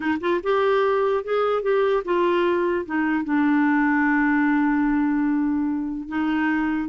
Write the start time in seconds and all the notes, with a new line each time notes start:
0.00 D#4
0.20 F4
0.43 G4
1.23 G#4
1.62 G4
2.05 F4
2.85 D#4
3.24 D4
6.08 D#4